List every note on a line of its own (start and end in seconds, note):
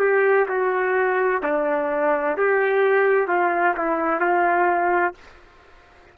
0.00 0.47 G4
0.49 1.42 F#4
1.43 2.37 D4
2.37 3.28 G4
3.28 3.75 F4
3.77 4.21 E4
4.21 5.14 F4